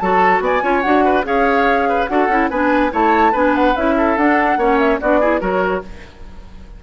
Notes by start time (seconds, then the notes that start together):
0.00 F#3 F#4 A4 A5
0.41 B3 D5 G#5
0.62 C#4 F4 C#5
0.82 D4 F#4 F#5
1.05 B4
1.24 C#4 G#4 C#5 F5
1.89 B4
2.07 D4 F#4 A4 F#5
2.29 C#4 E4
2.51 B3 D4 B4 G#5
2.92 A3 E4 C#5 A5
3.33 B3 D4 B4 G#5
3.56 F#5
3.77 C#4 E4 E5
3.97 A4
4.17 D4 F#5
4.57 A#3 C#4 C#5
4.79 E5
5.01 B3 D4 F#4 D5
5.20 E4 G#4
5.41 F#3 F#4 A#4 C#5